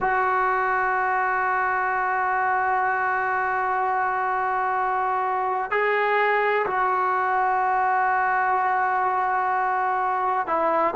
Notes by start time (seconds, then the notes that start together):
0.00 F#4
5.71 G#4
6.66 F#4
10.46 E4